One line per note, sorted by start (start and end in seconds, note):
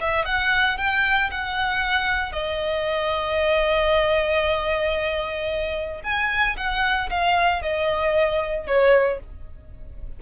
0.00 0.25 E5
0.25 0.78 F#5
0.78 1.30 G5
1.31 2.32 F#5
2.32 6.00 D#5
6.03 6.56 G#5
6.57 7.09 F#5
7.10 7.62 F5
7.62 8.67 D#5
8.67 9.19 C#5